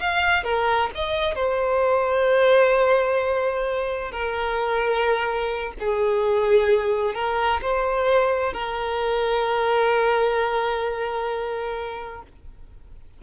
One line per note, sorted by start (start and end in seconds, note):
0.00 0.44 F5
0.44 0.90 A#4
0.95 1.36 D#5
1.36 4.12 C5
4.12 5.73 A#4
5.79 7.15 G#4
7.15 7.61 A#4
7.62 8.53 C5
8.53 12.22 A#4